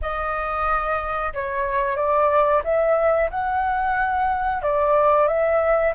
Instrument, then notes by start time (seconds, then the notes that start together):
flute
0.01 D#5
1.33 C#5
1.96 D5
2.64 E5
3.30 F#5
4.62 D5
5.27 E5